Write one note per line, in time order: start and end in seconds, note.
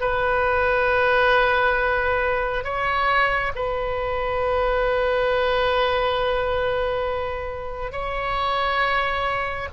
0.00 2.64 B4
2.64 3.52 C#5
3.55 7.92 B4
7.92 9.68 C#5